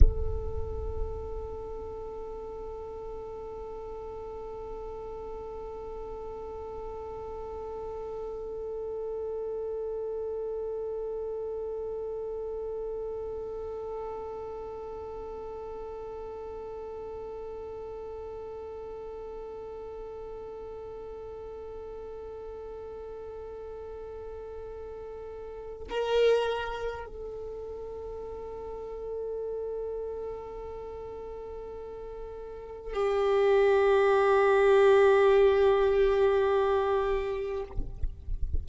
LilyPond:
\new Staff \with { instrumentName = "violin" } { \time 4/4 \tempo 4 = 51 a'1~ | a'1~ | a'1~ | a'1~ |
a'1~ | a'2 ais'4 a'4~ | a'1 | g'1 | }